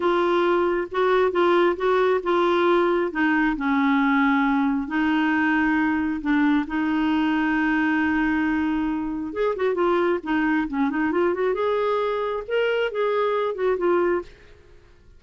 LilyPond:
\new Staff \with { instrumentName = "clarinet" } { \time 4/4 \tempo 4 = 135 f'2 fis'4 f'4 | fis'4 f'2 dis'4 | cis'2. dis'4~ | dis'2 d'4 dis'4~ |
dis'1~ | dis'4 gis'8 fis'8 f'4 dis'4 | cis'8 dis'8 f'8 fis'8 gis'2 | ais'4 gis'4. fis'8 f'4 | }